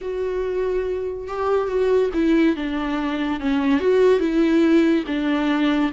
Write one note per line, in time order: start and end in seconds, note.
0.01 1.27 F#4
1.27 1.67 G4
1.67 2.10 F#4
2.13 2.55 E4
2.55 3.39 D4
3.39 3.80 C#4
3.80 4.19 F#4
4.19 5.04 E4
5.06 5.91 D4